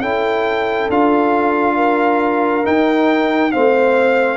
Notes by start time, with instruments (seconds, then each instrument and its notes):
0.00 tuba C#4, trombone E4, horn A4, trumpet G5
0.89 tuba D4, trombone F4, trumpet F5
1.76 horn A#4
2.64 trombone D#4, tuba D#4, trumpet G5
3.51 tuba A3, trombone C4, horn C5, trumpet F5